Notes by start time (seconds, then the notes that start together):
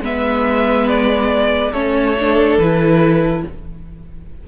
0.00 G#3 B3 B4 E5
0.88 D5
1.71 A3 C#4 A4 C#5
2.19 D4
2.57 E3 E4 B4